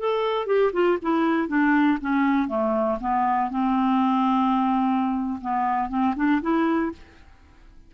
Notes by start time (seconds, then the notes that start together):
0.00 A4
0.47 G4
0.73 F4
1.02 E4
1.49 D4
2.01 C#4
2.49 A3
3.01 B3
3.51 C4
5.42 B3
5.90 C4
6.17 D4
6.42 E4